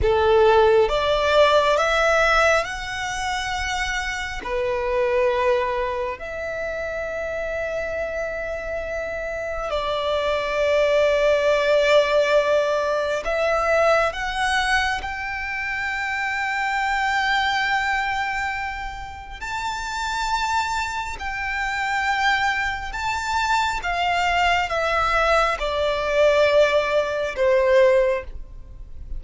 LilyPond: \new Staff \with { instrumentName = "violin" } { \time 4/4 \tempo 4 = 68 a'4 d''4 e''4 fis''4~ | fis''4 b'2 e''4~ | e''2. d''4~ | d''2. e''4 |
fis''4 g''2.~ | g''2 a''2 | g''2 a''4 f''4 | e''4 d''2 c''4 | }